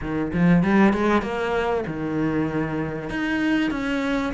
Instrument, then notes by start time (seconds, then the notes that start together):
cello
0.01 D#3
0.33 F3
0.63 G3
0.93 G#3
1.22 A#3
1.87 D#3
3.09 D#4
3.71 C#4